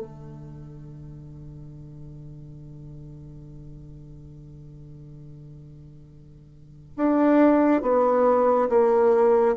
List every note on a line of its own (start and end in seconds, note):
0.00 6.96 D3
6.97 7.82 D4
7.82 8.69 B3
8.70 9.57 A#3